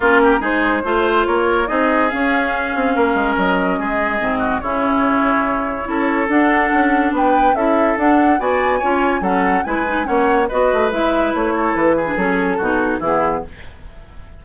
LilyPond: <<
  \new Staff \with { instrumentName = "flute" } { \time 4/4 \tempo 4 = 143 ais'4 c''2 cis''4 | dis''4 f''2. | dis''2. cis''4~ | cis''2. fis''4~ |
fis''4 g''4 e''4 fis''4 | gis''2 fis''4 gis''4 | fis''4 dis''4 e''4 cis''4 | b'4 a'2 gis'4 | }
  \new Staff \with { instrumentName = "oboe" } { \time 4/4 f'8 g'8 gis'4 c''4 ais'4 | gis'2. ais'4~ | ais'4 gis'4. fis'8 e'4~ | e'2 a'2~ |
a'4 b'4 a'2 | d''4 cis''4 a'4 b'4 | cis''4 b'2~ b'8 a'8~ | a'8 gis'4. fis'4 e'4 | }
  \new Staff \with { instrumentName = "clarinet" } { \time 4/4 cis'4 dis'4 f'2 | dis'4 cis'2.~ | cis'2 c'4 cis'4~ | cis'2 e'4 d'4~ |
d'2 e'4 d'4 | fis'4 f'4 cis'4 e'8 dis'8 | cis'4 fis'4 e'2~ | e'8. d'16 cis'4 dis'4 b4 | }
  \new Staff \with { instrumentName = "bassoon" } { \time 4/4 ais4 gis4 a4 ais4 | c'4 cis'4. c'8 ais8 gis8 | fis4 gis4 gis,4 cis4~ | cis2 cis'4 d'4 |
cis'4 b4 cis'4 d'4 | b4 cis'4 fis4 gis4 | ais4 b8 a8 gis4 a4 | e4 fis4 b,4 e4 | }
>>